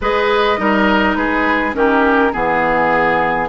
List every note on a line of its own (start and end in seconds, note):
0.01 0.58 G#3
0.01 0.57 G#4
0.01 0.59 B4
0.01 1.15 D#5
0.57 1.16 G3
0.57 1.73 D#4
0.57 1.17 A#4
1.15 1.74 G#3
1.15 1.75 G#4
1.15 1.73 B4
1.73 2.32 D#3
1.73 2.31 C#4
1.73 2.32 G4
1.73 2.33 A#4
2.32 3.48 E3
2.32 3.48 B3
2.32 3.48 G#4